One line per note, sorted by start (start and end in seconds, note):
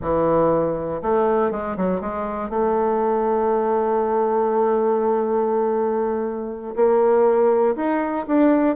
0.01 1.01 E3
1.02 1.51 A3
1.51 1.76 G#3
1.76 2.00 F#3
2.00 2.49 G#3
2.49 6.74 A3
6.75 7.75 A#3
7.76 8.26 D#4
8.27 8.76 D4